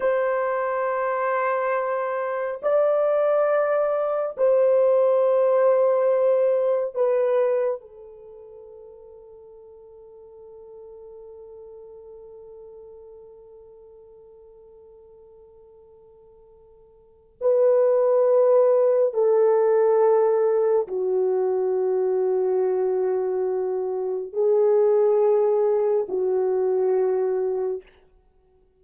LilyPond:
\new Staff \with { instrumentName = "horn" } { \time 4/4 \tempo 4 = 69 c''2. d''4~ | d''4 c''2. | b'4 a'2.~ | a'1~ |
a'1 | b'2 a'2 | fis'1 | gis'2 fis'2 | }